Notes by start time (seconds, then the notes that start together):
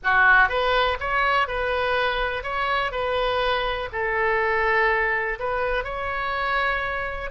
0.03 F#4
0.49 B4
1.00 C#5
1.47 B4
2.43 C#5
2.91 B4
3.92 A4
5.39 B4
5.84 C#5